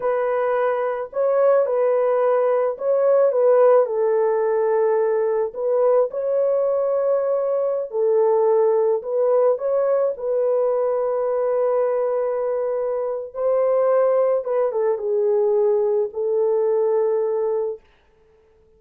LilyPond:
\new Staff \with { instrumentName = "horn" } { \time 4/4 \tempo 4 = 108 b'2 cis''4 b'4~ | b'4 cis''4 b'4 a'4~ | a'2 b'4 cis''4~ | cis''2~ cis''16 a'4.~ a'16~ |
a'16 b'4 cis''4 b'4.~ b'16~ | b'1 | c''2 b'8 a'8 gis'4~ | gis'4 a'2. | }